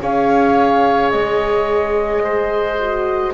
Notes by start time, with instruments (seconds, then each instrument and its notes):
0.00 double bass C#4, horn G#4, oboe C#5, flute F5
1.11 double bass G#3, flute D#5
2.24 oboe C5
2.80 horn F#4